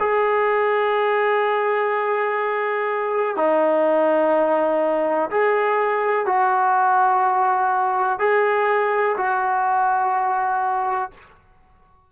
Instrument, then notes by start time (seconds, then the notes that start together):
trombone
0.00 G#4
3.37 D#4
5.31 G#4
6.26 F#4
8.20 G#4
9.18 F#4